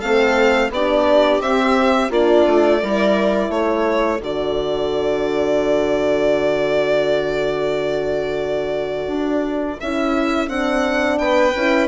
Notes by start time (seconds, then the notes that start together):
0.00 A3 C4 A4 F5
0.70 B3 D4 G4 D5
1.41 C4 E5
2.11 A#3 D4 F4 D5
2.48 A3
2.82 G3 E4 A#4
3.50 A3 A4 C#5
4.21 D3 F#4 D5
9.07 D4
9.80 C#4 E4 E5
10.49 C4 D4 F#5
11.19 B3 B4 G5
11.56 C#4 E4